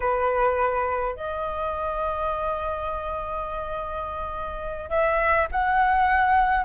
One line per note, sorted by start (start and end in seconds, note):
0.00 1.15 B4
1.15 4.89 D#5
4.89 5.47 E5
5.51 6.64 F#5